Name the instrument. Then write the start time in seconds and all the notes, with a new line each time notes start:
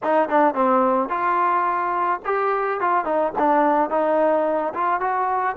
trombone
0.03 D#4
0.28 D4
0.54 C4
1.09 F4
2.25 G4
2.80 F4
3.04 D#4
3.38 D4
3.89 D#4
4.73 F4
5.00 F#4